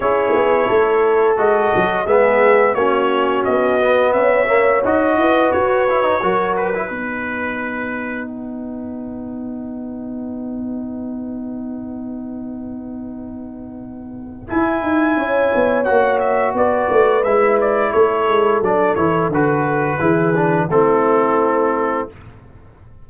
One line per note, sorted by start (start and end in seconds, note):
0.00 0.33 C#4
0.00 1.36 E4
0.00 0.67 G#4
0.00 1.36 C#5
0.34 0.69 B3
0.67 1.37 A3
0.67 2.05 A4
1.36 1.72 G#3
1.36 2.05 F#4
1.36 2.06 D#5
1.75 2.06 F#3
2.06 2.74 G#3
2.06 2.76 B3
2.06 2.75 G#4
2.06 2.74 E5
2.74 3.43 A#3
2.74 3.80 C#4
2.74 4.14 F#4
2.74 3.43 C#5
3.44 4.14 B3
3.44 4.12 D#5
3.80 4.47 B3
4.12 4.82 C#4
4.12 5.18 C#5
4.12 4.81 E5
4.47 4.81 A#3
4.84 5.17 D#4
4.84 5.88 F#4
4.84 5.51 D#5
5.17 5.51 E4
5.17 6.23 B4
5.51 6.22 F#4
5.51 6.55 C#5
5.89 6.03 E4
6.03 6.20 D#4
6.22 6.89 F#3
6.22 6.74 F#4
6.22 6.87 A#4
6.56 8.27 B4
6.74 6.88 E4
6.87 14.48 B3
6.87 14.47 D#4
6.87 15.15 B4
8.27 14.48 F#5
14.47 15.85 E4
14.47 14.82 E4
14.47 15.84 G#5
14.82 15.16 D#4
15.16 15.51 C#4
15.16 16.55 C#5
15.54 15.89 B3
15.84 16.53 A#3
15.84 17.23 F#4
15.84 16.19 F#5
16.19 16.53 E5
16.53 16.88 B3
16.53 17.92 B4
16.53 17.23 D5
16.90 17.24 A3
17.23 17.93 G#3
17.23 18.63 E4
17.23 17.58 E5
17.60 17.92 D5
17.92 18.28 A3
17.92 19.98 A4
17.92 18.61 C#5
18.28 18.61 G#3
18.61 18.95 F#3
18.61 18.96 D4
18.61 18.95 D5
18.95 19.29 E3
18.95 19.31 E4
18.95 19.29 C#5
19.29 19.98 D3
19.29 19.99 F#4
19.29 20.70 B4
19.98 20.68 E3
19.98 20.34 E4
19.98 20.67 G#4
20.34 20.69 D4
20.68 22.06 A3
20.68 22.09 C4
20.68 22.09 E4
20.68 22.08 A4